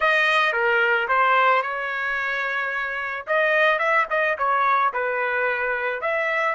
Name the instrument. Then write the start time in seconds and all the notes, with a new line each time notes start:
trumpet
0.00 D#5
0.53 A#4
1.08 C5
1.62 C#5
3.27 D#5
3.78 E5
4.10 D#5
4.38 C#5
4.93 B4
6.01 E5